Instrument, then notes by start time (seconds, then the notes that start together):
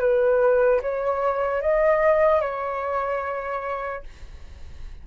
flute
0.00 B4
0.82 C#5
1.62 D#5
2.41 C#5